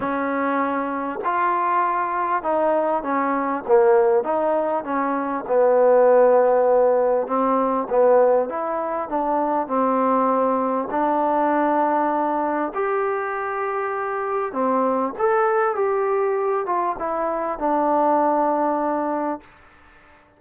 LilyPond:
\new Staff \with { instrumentName = "trombone" } { \time 4/4 \tempo 4 = 99 cis'2 f'2 | dis'4 cis'4 ais4 dis'4 | cis'4 b2. | c'4 b4 e'4 d'4 |
c'2 d'2~ | d'4 g'2. | c'4 a'4 g'4. f'8 | e'4 d'2. | }